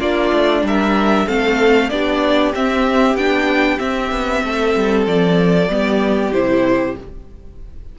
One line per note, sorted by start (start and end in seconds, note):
0.00 0.32 A#3
0.00 1.27 D4
0.00 0.63 F4
0.00 0.64 D5
0.33 0.63 A3
0.63 1.26 G3
0.63 1.27 A#4
0.63 1.28 E5
1.27 1.91 A3
1.27 1.90 C4
1.27 1.90 A4
1.27 1.89 F5
1.89 2.54 B3
1.89 2.54 D4
1.89 4.45 G4
1.89 2.53 D5
2.54 3.17 C4
2.54 3.14 C4
2.54 3.17 E5
3.14 3.78 B3
3.14 3.78 D4
3.14 3.79 G5
3.78 5.68 C4
3.78 4.11 C4
3.78 5.05 E5
4.11 4.43 B3
4.44 4.76 A3
4.44 5.71 A4
4.76 5.07 G3
5.07 5.69 F3
5.07 6.33 D5
5.69 6.32 G3
5.69 6.33 B3
5.69 6.99 G4
6.33 6.97 C3
6.33 6.96 E4
6.33 6.96 C5